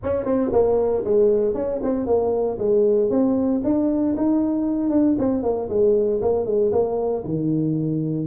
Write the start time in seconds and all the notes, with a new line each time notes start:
0.03 C#4
0.25 C4
0.52 A#3
1.04 G#3
1.54 C#4
1.82 C4
2.06 A#3
2.58 G#3
3.09 C4
3.63 D4
4.16 D#4
4.90 D4
5.18 C4
5.43 A#3
5.69 G#3
6.21 A#3
6.45 G#3
6.71 A#3
7.24 D#3